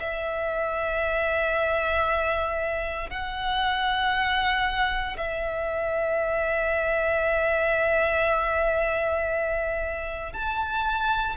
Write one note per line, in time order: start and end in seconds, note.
0.00 3.10 E5
3.10 5.17 F#5
5.18 10.34 E5
10.34 11.37 A5